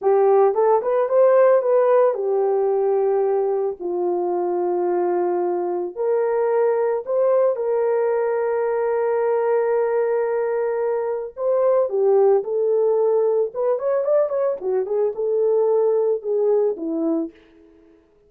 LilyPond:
\new Staff \with { instrumentName = "horn" } { \time 4/4 \tempo 4 = 111 g'4 a'8 b'8 c''4 b'4 | g'2. f'4~ | f'2. ais'4~ | ais'4 c''4 ais'2~ |
ais'1~ | ais'4 c''4 g'4 a'4~ | a'4 b'8 cis''8 d''8 cis''8 fis'8 gis'8 | a'2 gis'4 e'4 | }